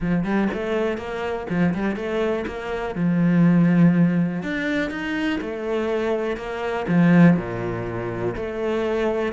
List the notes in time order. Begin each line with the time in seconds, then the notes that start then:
0.00 F3
0.23 G3
0.53 A3
0.97 A#3
1.49 F3
1.74 G3
1.96 A3
2.47 A#3
2.95 F3
4.42 D4
4.90 D#4
5.41 A3
6.37 A#3
6.88 F3
7.37 A#2
8.35 A3